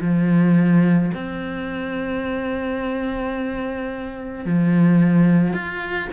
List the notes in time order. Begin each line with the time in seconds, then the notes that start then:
0.00 F3
1.14 C4
4.45 F3
5.53 F4